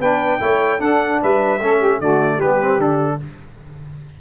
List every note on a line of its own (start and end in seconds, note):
0.00 0.40 B3
0.00 0.40 D4
0.00 0.40 B4
0.00 0.81 G5
0.40 0.80 A3
0.40 0.79 E4
0.40 0.80 C#5
0.79 1.59 D4
0.79 1.20 D4
0.79 1.20 A4
0.79 1.21 F#5
1.22 1.61 G3
1.22 1.62 B4
1.22 2.01 E5
1.61 2.00 A3
1.61 2.02 C#4
1.61 1.78 A4
1.78 1.98 G4
2.00 2.40 D3
2.00 2.42 A3
2.00 2.36 F#4
2.00 2.41 D5
2.36 3.16 G4
2.36 2.81 B4
2.43 2.78 G3
2.43 2.61 B3
2.61 2.80 C4
2.78 3.18 D3
2.78 3.20 D4
2.78 3.21 A4